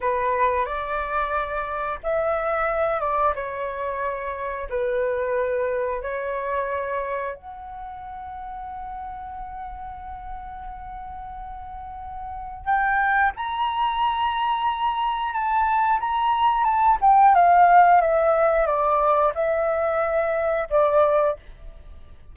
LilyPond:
\new Staff \with { instrumentName = "flute" } { \time 4/4 \tempo 4 = 90 b'4 d''2 e''4~ | e''8 d''8 cis''2 b'4~ | b'4 cis''2 fis''4~ | fis''1~ |
fis''2. g''4 | ais''2. a''4 | ais''4 a''8 g''8 f''4 e''4 | d''4 e''2 d''4 | }